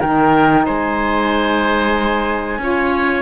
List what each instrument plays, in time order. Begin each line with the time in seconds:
0.00 cello D#3, saxophone D#4, oboe A#4, flute G5
0.66 cello G#3, oboe C5, flute G#5
2.58 cello C#4, saxophone F4, oboe C#5